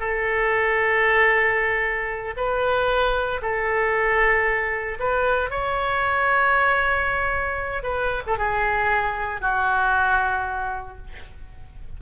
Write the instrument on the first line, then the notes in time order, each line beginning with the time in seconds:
oboe
0.00 A4
2.37 B4
3.42 A4
4.99 B4
5.51 C#5
7.83 B4
8.27 A4
8.38 G#4
9.41 F#4